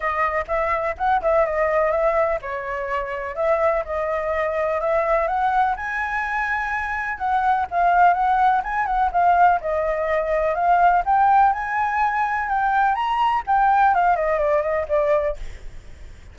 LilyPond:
\new Staff \with { instrumentName = "flute" } { \time 4/4 \tempo 4 = 125 dis''4 e''4 fis''8 e''8 dis''4 | e''4 cis''2 e''4 | dis''2 e''4 fis''4 | gis''2. fis''4 |
f''4 fis''4 gis''8 fis''8 f''4 | dis''2 f''4 g''4 | gis''2 g''4 ais''4 | g''4 f''8 dis''8 d''8 dis''8 d''4 | }